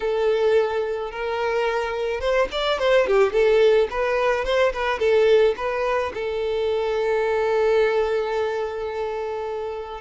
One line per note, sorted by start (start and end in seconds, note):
0.00 1.11 A4
1.11 2.20 A#4
2.20 2.48 C5
2.51 2.79 D5
2.79 3.06 C5
3.07 3.32 G4
3.32 3.87 A4
3.90 4.44 B4
4.44 4.72 C5
4.72 4.99 B4
4.99 5.55 A4
5.57 6.12 B4
6.14 10.00 A4